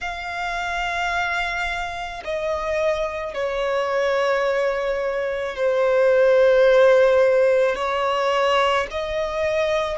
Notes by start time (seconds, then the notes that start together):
0.01 F5
2.24 D#5
3.33 C#5
5.56 C5
7.75 C#5
8.90 D#5